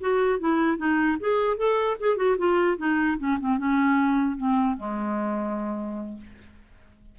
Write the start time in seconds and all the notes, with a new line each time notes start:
0.00 F#4
0.39 E4
0.77 D#4
1.20 G#4
1.57 A4
2.00 G#4
2.16 F#4
2.37 F4
2.77 D#4
3.18 C#4
3.39 C4
3.58 C#4
4.37 C4
4.77 G#3